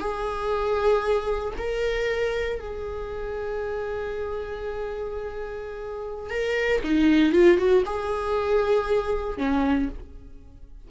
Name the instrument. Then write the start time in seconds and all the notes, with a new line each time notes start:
viola
0.00 G#4
1.58 A#4
2.60 G#4
6.30 A#4
6.84 D#4
7.33 F4
7.58 F#4
7.86 G#4
9.38 C#4